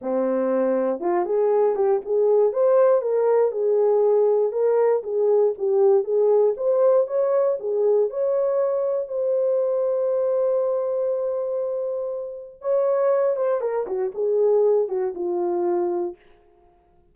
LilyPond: \new Staff \with { instrumentName = "horn" } { \time 4/4 \tempo 4 = 119 c'2 f'8 gis'4 g'8 | gis'4 c''4 ais'4 gis'4~ | gis'4 ais'4 gis'4 g'4 | gis'4 c''4 cis''4 gis'4 |
cis''2 c''2~ | c''1~ | c''4 cis''4. c''8 ais'8 fis'8 | gis'4. fis'8 f'2 | }